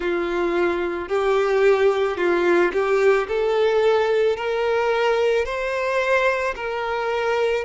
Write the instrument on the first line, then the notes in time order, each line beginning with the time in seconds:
violin
0.00 F4
1.08 G4
2.17 F4
2.72 G4
3.28 A4
4.36 A#4
5.45 C5
6.55 A#4